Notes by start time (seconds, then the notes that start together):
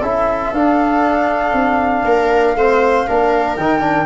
0.00 C#4 E4 A4 E5
0.53 D4 F5
1.53 C4
2.05 A#3 A#4
2.56 A3 C4 C5
3.07 A#3 D4 A#4
3.57 D#3 D#4 G5
3.81 D4